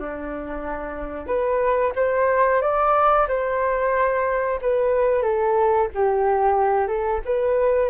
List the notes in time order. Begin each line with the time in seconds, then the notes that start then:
0.00 D4
1.27 B4
1.96 C5
2.62 D5
3.28 C5
4.62 B4
5.23 A4
5.95 G4
6.88 A4
7.26 B4